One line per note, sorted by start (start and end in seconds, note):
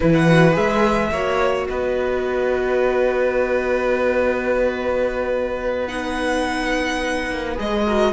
0.00 0.57 E3
0.00 0.27 E4
0.00 0.13 B4
0.00 1.09 B4
0.14 0.56 F#5
0.27 0.52 F#4
0.52 1.11 G#3
0.52 1.08 G#4
0.52 1.67 E5
1.11 1.67 A#3
1.11 5.87 F#4
1.11 1.67 C#5
1.67 7.30 B3
1.67 7.84 B4
1.67 5.87 D#5
5.87 7.54 D#4
5.87 7.56 F#5
7.30 7.58 A#3
7.54 8.13 G#3
7.54 7.82 G#4
7.54 8.13 D#5
7.84 8.13 F#4
7.84 8.12 A#4